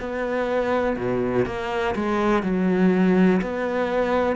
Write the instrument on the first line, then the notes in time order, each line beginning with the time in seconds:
cello
0.00 B3
0.97 B2
1.46 A#3
1.95 G#3
2.43 F#3
3.42 B3